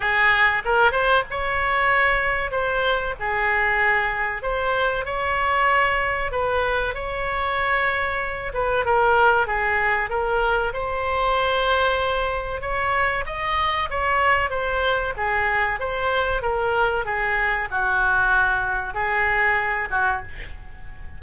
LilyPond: \new Staff \with { instrumentName = "oboe" } { \time 4/4 \tempo 4 = 95 gis'4 ais'8 c''8 cis''2 | c''4 gis'2 c''4 | cis''2 b'4 cis''4~ | cis''4. b'8 ais'4 gis'4 |
ais'4 c''2. | cis''4 dis''4 cis''4 c''4 | gis'4 c''4 ais'4 gis'4 | fis'2 gis'4. fis'8 | }